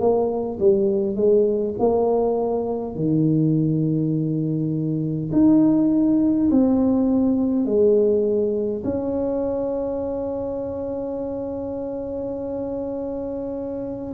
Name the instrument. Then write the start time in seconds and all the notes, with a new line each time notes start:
tuba
0.00 A#3
0.60 G3
1.16 G#3
1.80 A#3
2.96 D#3
5.33 D#4
6.51 C4
7.66 G#3
8.84 C#4